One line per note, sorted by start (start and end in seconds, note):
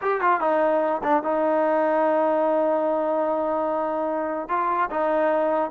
0.01 0.20 G4
0.20 0.40 F4
0.40 1.01 D#4
1.03 1.23 D4
1.23 4.48 D#4
4.48 4.89 F4
4.90 5.71 D#4